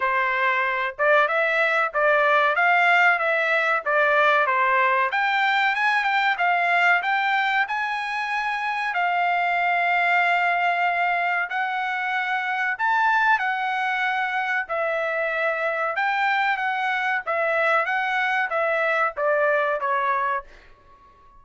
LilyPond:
\new Staff \with { instrumentName = "trumpet" } { \time 4/4 \tempo 4 = 94 c''4. d''8 e''4 d''4 | f''4 e''4 d''4 c''4 | g''4 gis''8 g''8 f''4 g''4 | gis''2 f''2~ |
f''2 fis''2 | a''4 fis''2 e''4~ | e''4 g''4 fis''4 e''4 | fis''4 e''4 d''4 cis''4 | }